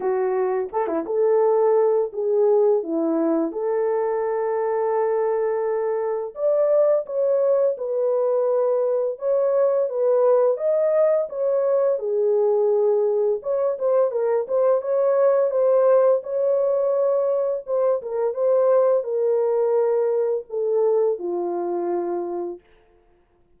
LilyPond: \new Staff \with { instrumentName = "horn" } { \time 4/4 \tempo 4 = 85 fis'4 a'16 e'16 a'4. gis'4 | e'4 a'2.~ | a'4 d''4 cis''4 b'4~ | b'4 cis''4 b'4 dis''4 |
cis''4 gis'2 cis''8 c''8 | ais'8 c''8 cis''4 c''4 cis''4~ | cis''4 c''8 ais'8 c''4 ais'4~ | ais'4 a'4 f'2 | }